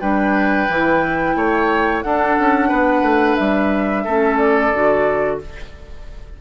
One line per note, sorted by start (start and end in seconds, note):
0.00 0.68 G3
0.00 0.68 D4
0.00 1.35 B4
0.00 2.02 G5
0.68 1.35 E3
0.68 2.05 E4
1.35 2.03 A3
1.35 2.04 C#5
2.02 2.37 D4
2.02 4.06 D4
2.02 2.68 A4
2.02 3.36 F#5
2.38 2.71 C#4
2.68 3.02 B3
2.68 4.03 B4
3.02 3.36 A3
3.36 4.06 G3
3.36 4.37 E5
4.04 4.72 A3
4.04 4.73 C#4
4.04 5.38 A4
4.37 5.38 D5
4.72 5.40 D3
4.72 5.40 F#4